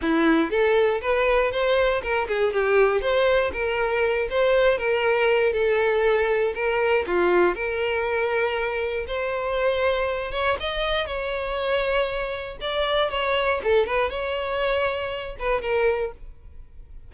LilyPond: \new Staff \with { instrumentName = "violin" } { \time 4/4 \tempo 4 = 119 e'4 a'4 b'4 c''4 | ais'8 gis'8 g'4 c''4 ais'4~ | ais'8 c''4 ais'4. a'4~ | a'4 ais'4 f'4 ais'4~ |
ais'2 c''2~ | c''8 cis''8 dis''4 cis''2~ | cis''4 d''4 cis''4 a'8 b'8 | cis''2~ cis''8 b'8 ais'4 | }